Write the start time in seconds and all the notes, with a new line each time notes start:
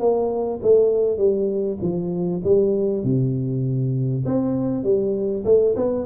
0.00 A#3
0.63 A3
1.18 G3
1.82 F3
2.44 G3
3.04 C3
4.26 C4
4.84 G3
5.45 A3
5.77 B3